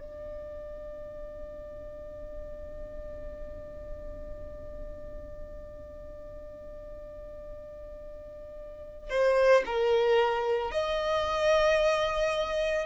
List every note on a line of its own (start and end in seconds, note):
0.00 9.09 D5
9.09 9.63 C5
9.66 10.71 A#4
10.71 12.86 D#5